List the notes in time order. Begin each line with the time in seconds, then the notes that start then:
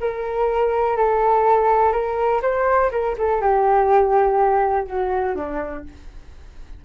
0.00 A#4
0.97 A4
1.92 A#4
2.42 C5
2.91 A#4
3.18 A4
3.41 G4
4.87 F#4
5.35 D4